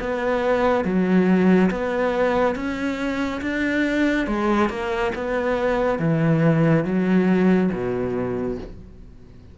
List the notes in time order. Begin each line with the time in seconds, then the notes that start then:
0.00 B3
0.85 F#3
1.71 B3
2.56 C#4
3.42 D4
4.27 G#3
4.70 A#3
5.15 B3
6.00 E3
6.85 F#3
7.73 B2